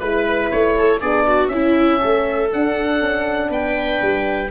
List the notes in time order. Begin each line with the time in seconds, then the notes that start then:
0.00 G#3 E4 B4
0.52 A3 C#5
0.78 A4
1.01 B3 D4 G#4 D5
1.28 F#4
1.48 C#4 E4 E5
2.00 A3 A4
2.53 D4 F#5
3.01 C#4
3.50 B3 B4 G5
4.02 G3